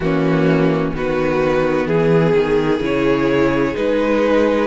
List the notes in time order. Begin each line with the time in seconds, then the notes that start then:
0.00 E3 A#3 C#4 F#4
0.93 D#3 B3 F#4 B4
1.86 E3 G#4
2.35 D#3
2.80 C#3 E4 C#5
3.74 G#3 D#4 B4